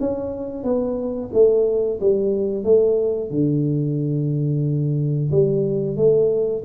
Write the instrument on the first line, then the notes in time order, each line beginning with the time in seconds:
tuba
0.00 C#4
0.64 B3
1.33 A3
2.01 G3
2.64 A3
3.30 D3
5.31 G3
5.96 A3